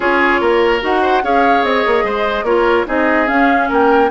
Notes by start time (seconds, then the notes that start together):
0.00 C#4 F4 G#4 C#5
0.40 A#3 A#4
0.80 D#4 F#4 F#5
1.02 C5
1.22 C#4 G#4 C#5 F5
1.63 C4 D#5
1.86 A#3
2.03 G#3 C5
2.42 A#3 F4 A#4 C#5
2.86 C4 D#4 G#4 D#5
3.26 C#4 F5
3.68 A#3 A#4 G5